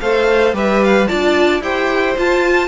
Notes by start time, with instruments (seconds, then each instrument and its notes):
0.00 cello A3, viola A4, violin C5 F5
0.53 cello G3, viola G4, violin B4 E5
0.83 violin F5
1.07 cello D4, viola F4, violin D5 A5
1.61 cello E4, viola G4, violin C5 G5
2.17 viola F4, cello F4, violin A5